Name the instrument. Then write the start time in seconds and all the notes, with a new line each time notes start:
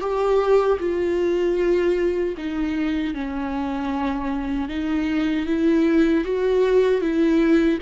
viola
0.00 G4
0.79 F4
2.37 D#4
3.14 C#4
4.69 D#4
5.46 E4
6.24 F#4
7.01 E4